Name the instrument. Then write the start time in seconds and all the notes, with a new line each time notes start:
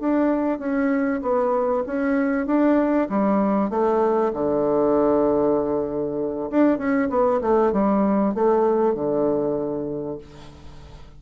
bassoon
0.00 D4
0.59 C#4
1.22 B3
1.87 C#4
2.47 D4
3.10 G3
3.70 A3
4.34 D3
6.51 D4
6.78 C#4
7.10 B3
7.42 A3
7.73 G3
8.35 A3
8.95 D3